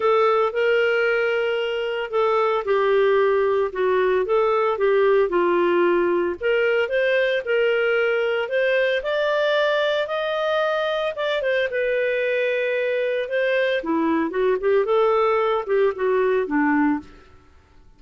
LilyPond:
\new Staff \with { instrumentName = "clarinet" } { \time 4/4 \tempo 4 = 113 a'4 ais'2. | a'4 g'2 fis'4 | a'4 g'4 f'2 | ais'4 c''4 ais'2 |
c''4 d''2 dis''4~ | dis''4 d''8 c''8 b'2~ | b'4 c''4 e'4 fis'8 g'8 | a'4. g'8 fis'4 d'4 | }